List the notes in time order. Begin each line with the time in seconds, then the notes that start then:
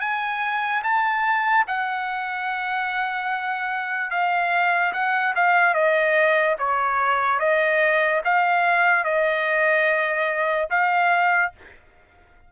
0.00 G#5
0.83 A5
1.67 F#5
4.10 F5
4.93 F#5
5.35 F5
5.74 D#5
6.59 C#5
7.39 D#5
8.25 F5
9.04 D#5
10.70 F5